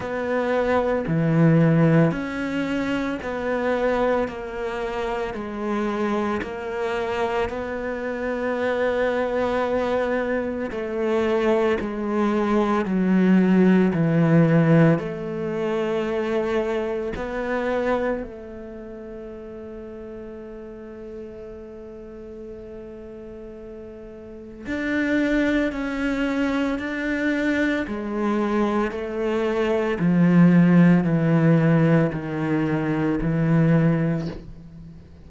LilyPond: \new Staff \with { instrumentName = "cello" } { \time 4/4 \tempo 4 = 56 b4 e4 cis'4 b4 | ais4 gis4 ais4 b4~ | b2 a4 gis4 | fis4 e4 a2 |
b4 a2.~ | a2. d'4 | cis'4 d'4 gis4 a4 | f4 e4 dis4 e4 | }